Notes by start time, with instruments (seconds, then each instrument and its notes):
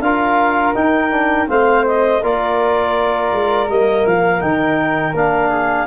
0.00 tuba D4, trombone F4, flute A#4, clarinet F5
0.74 trombone D#4, tuba D#4, clarinet G5
1.11 trombone D4
1.47 tuba A3, trombone C4, flute C5, clarinet F5
1.87 clarinet D#5
2.22 tuba A#3, trombone F4, flute A#4, clarinet D5
3.32 tuba G#3
3.68 tuba G3, trombone A#3, clarinet D#5
4.05 tuba F3, clarinet F5
4.40 tuba D#3, trombone D#4, clarinet G5
5.13 tuba A#3, trombone D4, clarinet F5
5.49 flute G#4